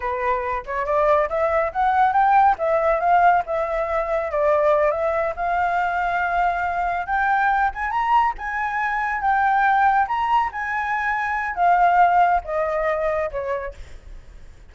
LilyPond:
\new Staff \with { instrumentName = "flute" } { \time 4/4 \tempo 4 = 140 b'4. cis''8 d''4 e''4 | fis''4 g''4 e''4 f''4 | e''2 d''4. e''8~ | e''8 f''2.~ f''8~ |
f''8 g''4. gis''8 ais''4 gis''8~ | gis''4. g''2 ais''8~ | ais''8 gis''2~ gis''8 f''4~ | f''4 dis''2 cis''4 | }